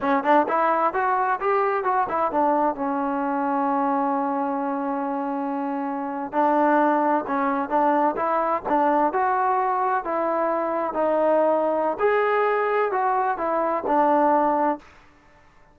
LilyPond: \new Staff \with { instrumentName = "trombone" } { \time 4/4 \tempo 4 = 130 cis'8 d'8 e'4 fis'4 g'4 | fis'8 e'8 d'4 cis'2~ | cis'1~ | cis'4.~ cis'16 d'2 cis'16~ |
cis'8. d'4 e'4 d'4 fis'16~ | fis'4.~ fis'16 e'2 dis'16~ | dis'2 gis'2 | fis'4 e'4 d'2 | }